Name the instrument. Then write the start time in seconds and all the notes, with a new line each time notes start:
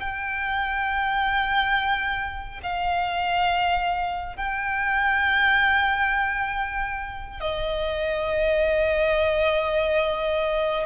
violin
0.00 G5
2.63 F5
4.36 G5
7.41 D#5